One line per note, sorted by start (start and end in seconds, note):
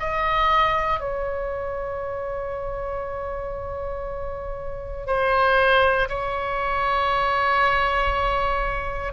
0.00 1.00 D#5
1.00 5.07 C#5
5.07 6.09 C5
6.09 9.13 C#5